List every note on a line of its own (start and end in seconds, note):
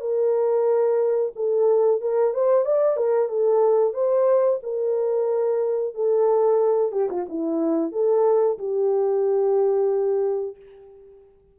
0.00 1.32 A#4
1.35 2.01 A4
2.01 2.33 A#4
2.33 2.65 C5
2.65 2.96 D5
2.96 3.28 A#4
3.28 3.93 A4
3.93 4.59 C5
4.62 5.94 A#4
5.94 6.92 A4
6.92 7.08 G4
7.09 7.26 F4
7.28 7.92 E4
7.92 8.58 A4
8.58 10.56 G4